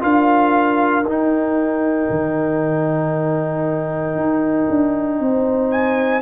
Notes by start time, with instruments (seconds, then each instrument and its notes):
0.00 tuba D4, trombone F4, horn A#4, trumpet F5
1.04 tuba D#4, trombone D#4, trumpet G5
2.10 tuba D#3
4.16 tuba D#4
4.70 tuba D4
5.20 tuba C4, horn C5
5.71 trumpet G#5